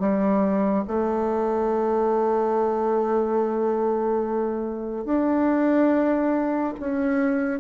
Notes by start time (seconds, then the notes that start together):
0.00 G3
0.88 A3
5.05 D4
6.80 C#4